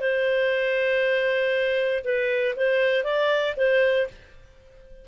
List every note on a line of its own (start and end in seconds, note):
0.00 2.03 C5
2.04 2.55 B4
2.56 3.04 C5
3.04 3.55 D5
3.56 4.07 C5